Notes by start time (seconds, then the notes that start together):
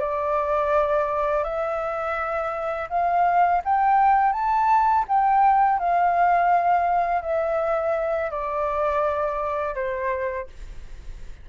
0.00 D5
1.44 E5
2.90 F5
3.65 G5
4.33 A5
5.09 G5
5.79 F5
7.23 E5
8.31 D5
9.75 C5